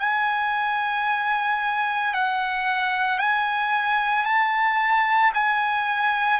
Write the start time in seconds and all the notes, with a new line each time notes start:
0.00 G#5
2.13 F#5
3.19 G#5
4.25 A5
5.34 G#5